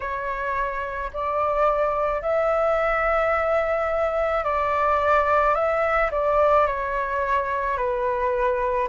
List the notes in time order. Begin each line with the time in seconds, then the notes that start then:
0.00 C#5
1.13 D5
2.21 E5
4.43 D5
5.55 E5
6.11 D5
6.67 C#5
7.77 B4